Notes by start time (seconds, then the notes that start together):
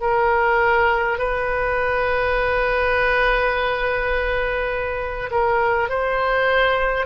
0.00 A#4
1.18 B4
5.30 A#4
5.89 C5